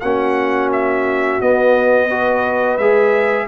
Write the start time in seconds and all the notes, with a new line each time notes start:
0.00 A#3 C#4 F#4 F#5
0.72 E5
1.41 B3 D#5
2.08 F#4 B4
2.77 G#3 G#4 E5